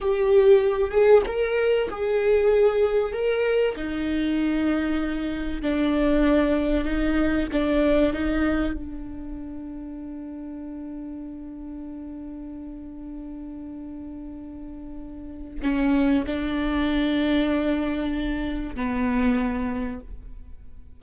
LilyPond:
\new Staff \with { instrumentName = "viola" } { \time 4/4 \tempo 4 = 96 g'4. gis'8 ais'4 gis'4~ | gis'4 ais'4 dis'2~ | dis'4 d'2 dis'4 | d'4 dis'4 d'2~ |
d'1~ | d'1~ | d'4 cis'4 d'2~ | d'2 b2 | }